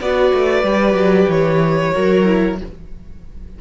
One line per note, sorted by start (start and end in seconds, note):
0.00 0.32 B3
0.00 0.65 F#4
0.00 1.93 B4
0.00 1.30 D5
0.33 0.63 A3
0.63 0.94 G3
0.63 1.93 G4
0.94 1.26 F#3
1.27 1.92 E3
1.27 2.59 C#5
1.93 2.61 F#3
1.93 2.24 F#4
1.93 2.58 A#4
2.24 2.57 E4